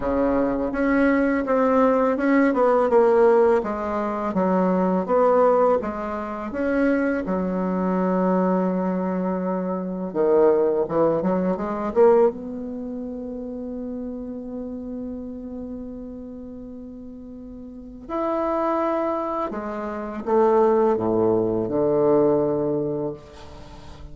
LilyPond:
\new Staff \with { instrumentName = "bassoon" } { \time 4/4 \tempo 4 = 83 cis4 cis'4 c'4 cis'8 b8 | ais4 gis4 fis4 b4 | gis4 cis'4 fis2~ | fis2 dis4 e8 fis8 |
gis8 ais8 b2.~ | b1~ | b4 e'2 gis4 | a4 a,4 d2 | }